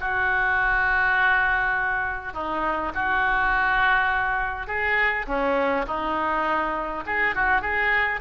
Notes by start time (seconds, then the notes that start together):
0.00 F#4
2.33 D#4
2.94 F#4
4.67 G#4
5.27 C#4
5.86 D#4
7.06 G#4
7.35 F#4
7.61 G#4